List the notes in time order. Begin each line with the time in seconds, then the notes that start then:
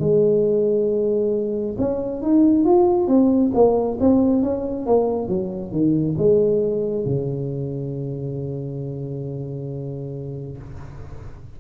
0.00 G#3
1.78 C#4
2.22 D#4
2.65 F4
3.08 C4
3.55 A#3
4.00 C4
4.43 C#4
4.86 A#3
5.28 F#3
5.72 D#3
6.18 G#3
7.05 C#3